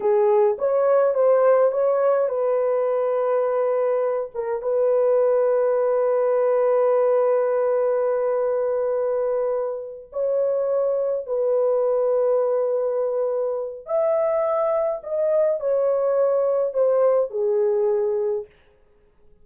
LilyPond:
\new Staff \with { instrumentName = "horn" } { \time 4/4 \tempo 4 = 104 gis'4 cis''4 c''4 cis''4 | b'2.~ b'8 ais'8 | b'1~ | b'1~ |
b'4. cis''2 b'8~ | b'1 | e''2 dis''4 cis''4~ | cis''4 c''4 gis'2 | }